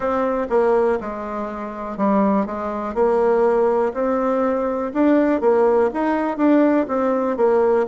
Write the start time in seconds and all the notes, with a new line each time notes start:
0.00 C4
0.49 A#3
1.00 G#3
1.97 G3
2.45 G#3
2.94 A#3
3.93 C4
4.93 D4
5.41 A#3
5.93 D#4
6.37 D4
6.88 C4
7.36 A#3